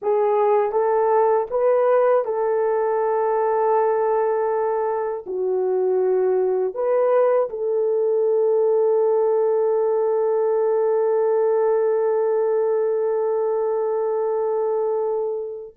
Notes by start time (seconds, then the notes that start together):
0.01 G#4
0.72 A4
1.50 B4
2.24 A4
5.26 F#4
6.74 B4
7.49 A4